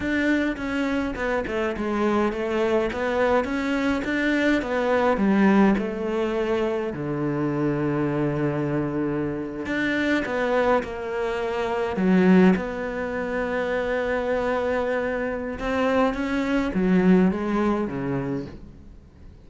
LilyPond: \new Staff \with { instrumentName = "cello" } { \time 4/4 \tempo 4 = 104 d'4 cis'4 b8 a8 gis4 | a4 b4 cis'4 d'4 | b4 g4 a2 | d1~ |
d8. d'4 b4 ais4~ ais16~ | ais8. fis4 b2~ b16~ | b2. c'4 | cis'4 fis4 gis4 cis4 | }